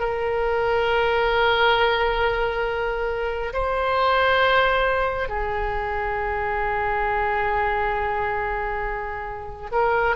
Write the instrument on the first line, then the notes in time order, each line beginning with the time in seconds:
oboe
0.00 A#4
3.54 C5
5.29 G#4
9.72 A#4